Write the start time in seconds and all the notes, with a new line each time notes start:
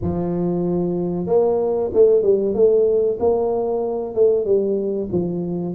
0.01 F3
1.26 A#3
1.93 A3
2.22 G3
2.54 A3
3.19 A#3
4.15 A3
4.45 G3
5.12 F3